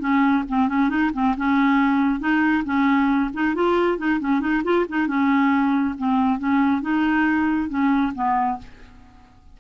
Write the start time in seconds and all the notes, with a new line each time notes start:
0.00 C#4
0.49 C4
0.69 C#4
0.89 D#4
1.13 C4
1.37 C#4
2.20 D#4
2.65 C#4
3.34 D#4
3.55 F4
3.98 D#4
4.20 C#4
4.41 D#4
4.64 F4
4.89 D#4
5.07 C#4
5.98 C4
6.39 C#4
6.82 D#4
7.69 C#4
8.15 B3